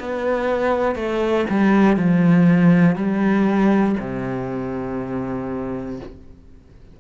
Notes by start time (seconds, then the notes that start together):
0.00 B3
0.96 A3
1.50 G3
1.97 F3
2.96 G3
4.00 C3